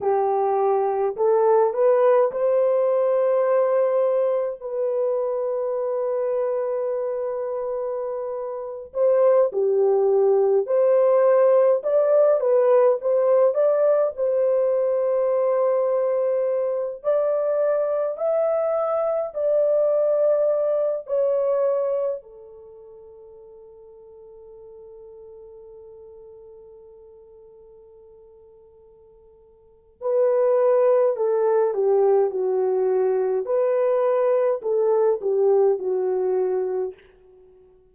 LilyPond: \new Staff \with { instrumentName = "horn" } { \time 4/4 \tempo 4 = 52 g'4 a'8 b'8 c''2 | b'2.~ b'8. c''16~ | c''16 g'4 c''4 d''8 b'8 c''8 d''16~ | d''16 c''2~ c''8 d''4 e''16~ |
e''8. d''4. cis''4 a'8.~ | a'1~ | a'2 b'4 a'8 g'8 | fis'4 b'4 a'8 g'8 fis'4 | }